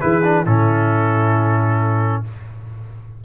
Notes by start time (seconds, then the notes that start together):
0.00 E3 E4 G#4 B4
0.24 D4
0.44 A2 C#4 E4 A4